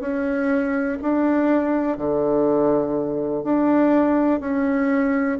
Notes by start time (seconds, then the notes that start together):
0.00 C#4
1.01 D4
1.97 D3
3.44 D4
4.40 C#4